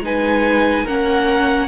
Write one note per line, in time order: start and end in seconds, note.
0.00 0.83 G#3
0.00 0.87 D#4
0.00 0.84 B4
0.00 0.87 G#5
0.84 1.68 A#3
0.84 1.68 C#4
0.84 1.67 A#4
0.84 1.68 F#5